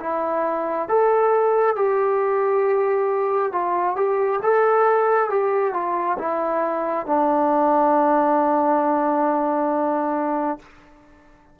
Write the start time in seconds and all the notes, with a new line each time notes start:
0.00 E4
0.88 A4
1.76 G4
3.52 F4
3.96 G4
4.43 A4
5.29 G4
5.73 F4
6.18 E4
7.06 D4